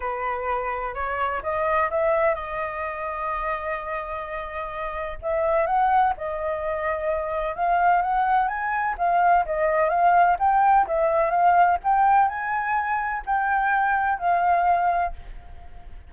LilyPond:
\new Staff \with { instrumentName = "flute" } { \time 4/4 \tempo 4 = 127 b'2 cis''4 dis''4 | e''4 dis''2.~ | dis''2. e''4 | fis''4 dis''2. |
f''4 fis''4 gis''4 f''4 | dis''4 f''4 g''4 e''4 | f''4 g''4 gis''2 | g''2 f''2 | }